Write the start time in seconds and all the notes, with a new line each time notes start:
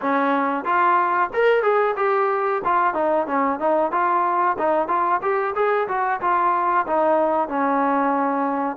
0.01 C#4
0.64 F4
1.33 A#4
1.62 G#4
1.96 G4
2.64 F4
2.94 D#4
3.26 C#4
3.59 D#4
3.91 F4
4.58 D#4
4.88 F4
5.21 G4
5.55 G#4
5.88 F#4
6.20 F4
6.87 D#4
7.48 C#4